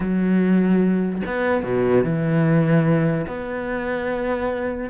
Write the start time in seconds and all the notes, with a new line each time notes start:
0.00 F#3
1.26 B3
1.63 B2
2.04 E3
3.27 B3